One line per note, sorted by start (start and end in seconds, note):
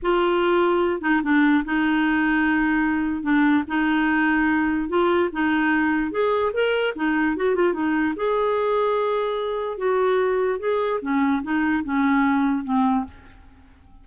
0.02 1.01 F4
1.01 1.21 D#4
1.23 1.64 D4
1.64 3.22 D#4
3.22 3.63 D4
3.67 4.88 D#4
4.88 5.29 F4
5.32 6.11 D#4
6.11 6.52 G#4
6.53 6.94 A#4
6.95 7.36 D#4
7.36 7.55 F#4
7.55 7.73 F4
7.73 8.14 D#4
8.15 9.77 G#4
9.77 10.59 F#4
10.59 11.00 G#4
11.01 11.42 C#4
11.42 11.83 D#4
11.84 12.64 C#4
12.64 13.05 C4